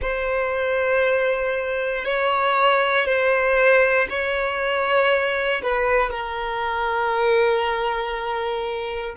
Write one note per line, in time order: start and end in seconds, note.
0.01 2.04 C5
2.04 3.05 C#5
3.05 4.07 C5
4.09 5.62 C#5
5.62 6.10 B4
6.10 9.15 A#4